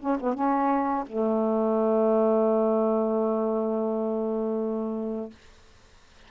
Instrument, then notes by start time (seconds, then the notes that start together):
saxophone
0.00 C#4
0.21 B3
0.35 C#4
1.07 A3